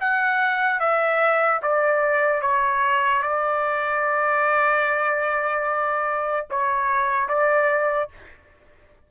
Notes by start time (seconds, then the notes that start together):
0.00 F#5
0.80 E5
1.62 D5
2.41 C#5
3.22 D5
6.50 C#5
7.28 D5